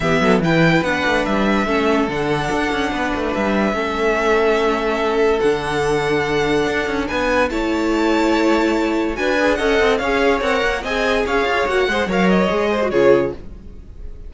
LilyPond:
<<
  \new Staff \with { instrumentName = "violin" } { \time 4/4 \tempo 4 = 144 e''4 g''4 fis''4 e''4~ | e''4 fis''2. | e''1~ | e''4 fis''2.~ |
fis''4 gis''4 a''2~ | a''2 gis''4 fis''4 | f''4 fis''4 gis''4 f''4 | fis''4 f''8 dis''4. cis''4 | }
  \new Staff \with { instrumentName = "violin" } { \time 4/4 g'8 a'8 b'2. | a'2. b'4~ | b'4 a'2.~ | a'1~ |
a'4 b'4 cis''2~ | cis''2 b'4 dis''4 | cis''2 dis''4 cis''4~ | cis''8 c''8 cis''4. c''8 gis'4 | }
  \new Staff \with { instrumentName = "viola" } { \time 4/4 b4 e'4 d'2 | cis'4 d'2.~ | d'4 cis'2.~ | cis'4 d'2.~ |
d'2 e'2~ | e'2 fis'8 gis'8 a'4 | gis'4 ais'4 gis'2 | fis'8 gis'8 ais'4 gis'8. fis'16 f'4 | }
  \new Staff \with { instrumentName = "cello" } { \time 4/4 e8 fis8 e4 b8 a8 g4 | a4 d4 d'8 cis'8 b8 a8 | g4 a2.~ | a4 d2. |
d'8 cis'8 b4 a2~ | a2 d'4 cis'8 c'8 | cis'4 c'8 ais8 c'4 cis'8 f'8 | ais8 gis8 fis4 gis4 cis4 | }
>>